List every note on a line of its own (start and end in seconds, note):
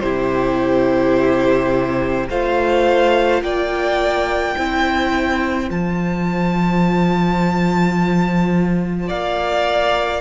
0.00 2.29 C3
0.00 2.30 E4
0.00 2.30 G4
0.00 2.26 C5
2.30 3.42 A3
2.30 4.57 F4
2.30 3.43 C5
2.30 3.43 F5
3.42 4.55 A#3
3.42 4.57 D5
3.42 5.69 G5
4.57 5.70 C4
4.57 5.68 E4
4.57 9.08 C5
5.68 9.10 F3
5.68 10.21 F4
5.68 9.09 A5
9.08 10.21 A#3
9.08 10.21 D5
9.08 10.21 F5